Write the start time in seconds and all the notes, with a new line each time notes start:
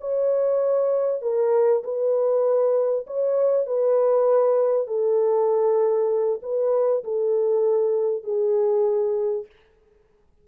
0.00 C#5
1.21 A#4
1.83 B4
3.06 C#5
3.66 B4
4.87 A4
6.42 B4
7.04 A4
8.23 G#4